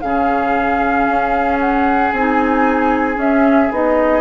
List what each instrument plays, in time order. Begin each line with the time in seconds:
0.00 bassoon C#3, clarinet C#4, oboe G#4, flute F5
1.09 bassoon C#4
1.60 flute F#5
2.12 bassoon C4, clarinet D#4, flute G#5
3.15 clarinet C#4, bassoon C#4, flute E5
3.71 bassoon B3, clarinet D#4, flute D#5